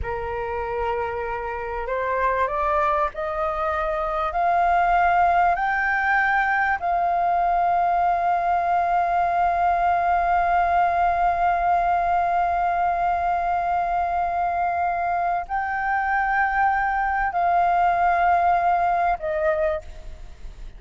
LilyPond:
\new Staff \with { instrumentName = "flute" } { \time 4/4 \tempo 4 = 97 ais'2. c''4 | d''4 dis''2 f''4~ | f''4 g''2 f''4~ | f''1~ |
f''1~ | f''1~ | f''4 g''2. | f''2. dis''4 | }